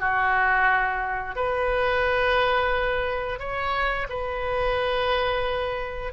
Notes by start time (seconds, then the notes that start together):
0.00 F#4
1.36 B4
3.40 C#5
4.10 B4